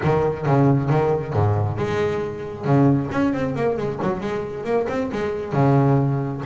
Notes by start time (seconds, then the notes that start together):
0.04 D#3
0.46 C#3
0.89 D#3
1.33 G#2
1.77 G#3
2.64 C#3
3.11 C#4
3.33 C4
3.55 A#3
3.77 G#3
4.02 F#3
4.20 G#3
4.64 A#3
4.88 C4
5.12 G#3
5.52 C#3